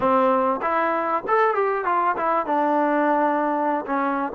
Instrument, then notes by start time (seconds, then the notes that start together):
trombone
0.00 C4
0.62 E4
1.27 A4
1.54 G4
1.84 F4
2.16 E4
2.45 D4
3.85 C#4